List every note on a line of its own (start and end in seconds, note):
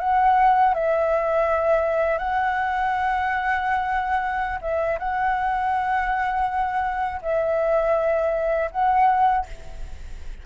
0.00 0.74 F#5
0.74 2.18 E5
2.18 4.59 F#5
4.62 4.99 E5
4.99 7.21 F#5
7.22 8.70 E5
8.72 9.46 F#5